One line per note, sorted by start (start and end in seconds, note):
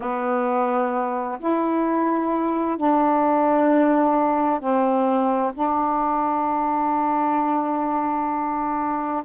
0.00 1.38 B3
1.39 2.77 E4
2.77 4.59 D4
4.59 5.52 C4
5.53 9.23 D4